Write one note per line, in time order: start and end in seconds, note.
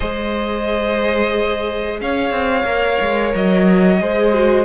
0.00 2.01 G#3
0.00 2.65 G#4
0.00 1.99 C5
0.00 1.99 D#5
2.01 2.30 C#4
2.01 4.01 C#5
2.01 3.34 F5
2.30 2.63 C4
2.64 2.97 A#3
2.64 3.98 A#4
3.00 3.34 G#3
3.34 4.01 F#3
3.34 4.64 D#5
4.00 4.64 G#3
4.00 4.32 G#4
4.00 4.64 C5
4.32 4.64 F#4